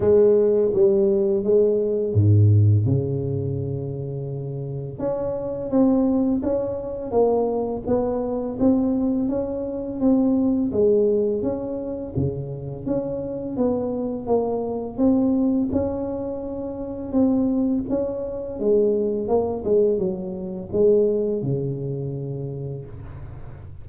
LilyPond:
\new Staff \with { instrumentName = "tuba" } { \time 4/4 \tempo 4 = 84 gis4 g4 gis4 gis,4 | cis2. cis'4 | c'4 cis'4 ais4 b4 | c'4 cis'4 c'4 gis4 |
cis'4 cis4 cis'4 b4 | ais4 c'4 cis'2 | c'4 cis'4 gis4 ais8 gis8 | fis4 gis4 cis2 | }